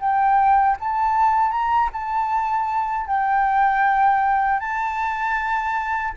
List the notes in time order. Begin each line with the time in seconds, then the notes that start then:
0.00 G5
0.80 A5
1.51 A#5
1.93 A5
3.07 G5
4.60 A5